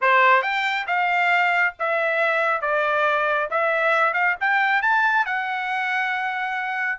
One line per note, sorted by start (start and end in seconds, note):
0.01 0.42 C5
0.42 0.86 G5
0.86 1.74 F5
1.79 2.61 E5
2.61 3.48 D5
3.50 4.13 E5
4.13 4.35 F5
4.40 4.82 G5
4.82 5.25 A5
5.25 6.99 F#5